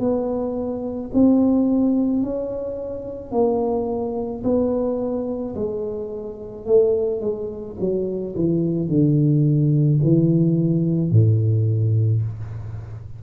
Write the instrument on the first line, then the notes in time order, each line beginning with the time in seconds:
tuba
0.00 B3
1.14 C4
2.23 C#4
3.32 A#3
4.44 B3
5.56 G#3
6.67 A3
7.21 G#3
7.80 F#3
8.36 E3
8.89 D3
10.04 E3
11.11 A2